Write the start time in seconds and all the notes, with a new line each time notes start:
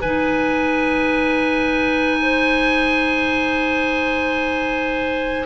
0.00 G#3 D#4 B4 G#5
2.22 C5